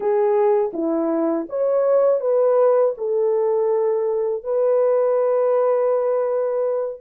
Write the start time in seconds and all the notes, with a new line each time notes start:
0.00 G#4
0.73 E4
1.49 C#5
2.20 B4
2.97 A4
4.43 B4